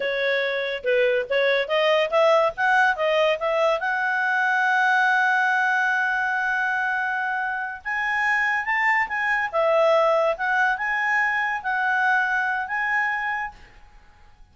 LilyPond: \new Staff \with { instrumentName = "clarinet" } { \time 4/4 \tempo 4 = 142 cis''2 b'4 cis''4 | dis''4 e''4 fis''4 dis''4 | e''4 fis''2.~ | fis''1~ |
fis''2~ fis''8 gis''4.~ | gis''8 a''4 gis''4 e''4.~ | e''8 fis''4 gis''2 fis''8~ | fis''2 gis''2 | }